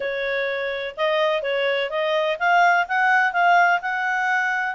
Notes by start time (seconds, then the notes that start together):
0.00 C#5
0.96 D#5
1.42 C#5
1.90 D#5
2.39 F5
2.88 F#5
3.32 F5
3.81 F#5